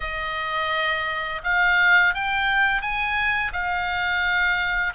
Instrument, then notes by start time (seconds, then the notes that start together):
oboe
0.00 D#5
1.43 F5
2.14 G5
2.81 G#5
3.52 F5